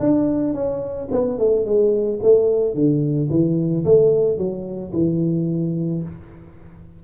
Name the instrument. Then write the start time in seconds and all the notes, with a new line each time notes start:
tuba
0.00 D4
0.54 C#4
1.11 B3
1.39 A3
1.65 G#3
2.23 A3
2.75 D3
3.30 E3
3.85 A3
4.38 F#3
4.93 E3